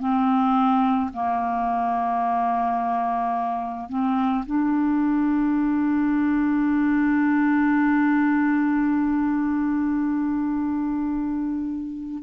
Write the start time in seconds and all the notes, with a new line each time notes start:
0.00 C4
1.14 A#3
3.89 C4
4.46 D4